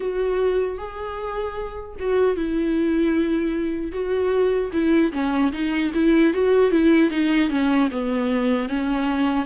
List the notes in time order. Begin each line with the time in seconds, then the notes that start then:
0.00 F#4
0.77 G#4
1.99 F#4
2.36 E4
3.92 F#4
4.72 E4
5.12 C#4
5.52 D#4
5.94 E4
6.33 F#4
6.71 E4
7.10 D#4
7.49 C#4
7.91 B3
8.68 C#4